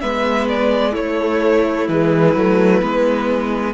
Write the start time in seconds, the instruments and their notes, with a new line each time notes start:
0.00 cello G#3, viola B3, violin B4 E5
0.48 violin D5
0.90 viola A3, violin E4 C#5
0.96 cello A3
1.88 cello E3, viola G#3, violin B4
2.34 cello F#3, viola A3
2.81 cello G#3, viola B3